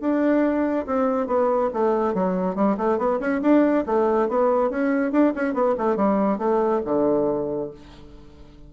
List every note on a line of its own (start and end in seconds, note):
0.00 0.86 D4
0.86 1.27 C4
1.27 1.70 B3
1.73 2.14 A3
2.14 2.55 F#3
2.55 2.76 G3
2.77 2.98 A3
2.98 3.19 B3
3.19 3.41 C#4
3.41 3.84 D4
3.86 4.28 A3
4.28 4.70 B3
4.70 5.12 C#4
5.12 5.33 D4
5.35 5.53 C#4
5.53 5.75 B3
5.78 5.96 A3
5.96 6.38 G3
6.38 6.81 A3
6.85 7.70 D3